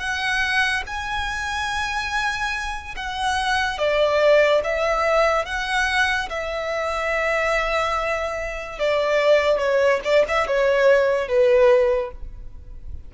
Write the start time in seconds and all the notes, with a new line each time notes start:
0.00 F#5
0.87 G#5
2.97 F#5
3.79 D5
4.64 E5
5.46 F#5
6.30 E5
8.80 D5
9.59 C#5
10.05 D5
10.29 E5
10.48 C#5
11.28 B4